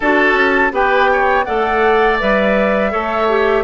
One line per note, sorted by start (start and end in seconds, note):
0.00 0.33 D4
0.00 0.71 F#4
0.00 0.72 A4
0.00 0.72 A5
0.33 0.70 C#4
0.71 1.45 B3
0.71 1.44 G4
0.71 1.10 B4
0.71 1.44 G5
1.12 1.45 C#5
1.44 2.21 A3
1.44 2.19 A4
1.44 2.91 D5
1.44 2.17 F#5
2.19 2.93 G3
2.19 2.91 B4
2.19 3.64 E5
2.91 3.64 A3
2.91 3.27 A4
2.91 3.64 C#5
3.28 3.64 G4